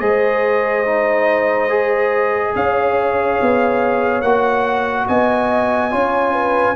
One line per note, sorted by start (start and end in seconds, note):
0.00 2.55 G#3
0.00 0.85 G#4
0.00 2.54 C5
0.00 2.54 D#5
0.86 1.70 D#4
1.70 4.23 G#4
2.55 3.40 C#4
2.55 5.08 C#5
2.55 4.22 F5
3.42 4.23 B3
4.22 5.07 A#3
4.22 5.91 F#4
4.22 5.07 F#5
5.08 5.94 B3
5.08 5.92 D#5
5.08 6.76 G#5
5.91 6.76 C#4
5.91 6.76 F4
5.91 6.33 C#5
6.33 6.76 B4